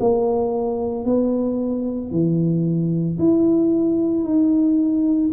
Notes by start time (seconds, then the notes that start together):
0.00 A#3
1.05 B3
2.11 E3
3.19 E4
4.24 D#4